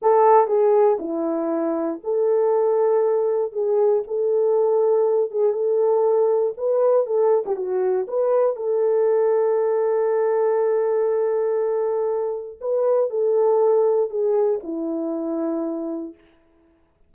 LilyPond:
\new Staff \with { instrumentName = "horn" } { \time 4/4 \tempo 4 = 119 a'4 gis'4 e'2 | a'2. gis'4 | a'2~ a'8 gis'8 a'4~ | a'4 b'4 a'8. g'16 fis'4 |
b'4 a'2.~ | a'1~ | a'4 b'4 a'2 | gis'4 e'2. | }